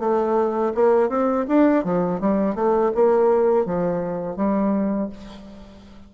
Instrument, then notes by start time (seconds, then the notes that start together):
bassoon
0.00 A3
0.75 A#3
1.09 C4
1.48 D4
1.85 F3
2.21 G3
2.55 A3
2.95 A#3
3.66 F3
4.36 G3